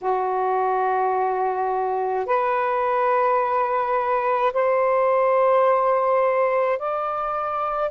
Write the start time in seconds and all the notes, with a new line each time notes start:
0.01 F#4
2.25 B4
4.53 C5
6.79 D5